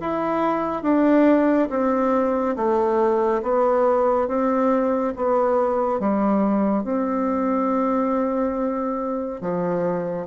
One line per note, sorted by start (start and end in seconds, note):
0.00 0.83 E4
0.83 1.68 D4
1.70 2.56 C4
2.56 3.42 A3
3.42 4.28 B3
4.28 5.14 C4
5.16 6.00 B3
6.00 6.83 G3
6.83 9.41 C4
9.41 10.26 F3